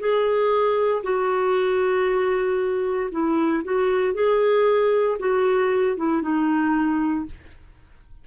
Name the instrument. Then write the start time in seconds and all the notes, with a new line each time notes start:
clarinet
0.00 G#4
1.03 F#4
3.12 E4
3.64 F#4
4.14 G#4
5.20 F#4
5.97 E4
6.23 D#4